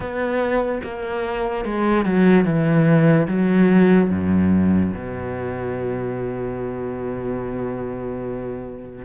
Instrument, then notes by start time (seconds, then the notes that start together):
cello
0.00 B3
0.83 A#3
1.64 G#3
2.05 F#3
2.44 E3
3.27 F#3
4.09 F#2
4.94 B2